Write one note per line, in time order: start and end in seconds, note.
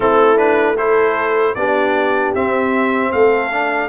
0.00 1.55 A3
0.00 0.36 C4
0.00 0.77 E4
0.00 0.37 A4
0.36 0.75 D4
0.36 0.76 B4
0.77 1.55 E4
0.77 1.56 A4
0.77 1.55 C5
1.55 2.33 B3
1.55 2.36 D4
1.55 3.12 G4
1.55 2.32 D5
2.35 3.12 C4
2.35 3.51 C4
2.35 3.12 E5
3.12 3.89 A3
3.12 3.89 A4
3.12 3.89 F5
3.51 3.89 D4